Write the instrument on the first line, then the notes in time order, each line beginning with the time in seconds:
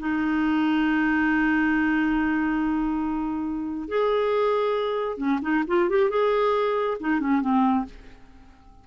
clarinet
0.00 D#4
3.89 G#4
5.18 C#4
5.42 D#4
5.68 F4
5.90 G4
6.10 G#4
7.01 D#4
7.21 C#4
7.42 C4